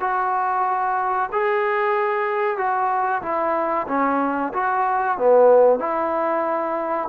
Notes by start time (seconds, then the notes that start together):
0.00 F#4
1.32 G#4
2.57 F#4
3.22 E4
3.88 C#4
4.53 F#4
5.17 B3
5.79 E4